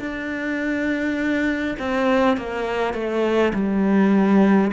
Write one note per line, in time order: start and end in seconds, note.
0.00 1.76 D4
1.79 2.37 C4
2.37 2.94 A#3
2.94 3.52 A3
3.53 4.71 G3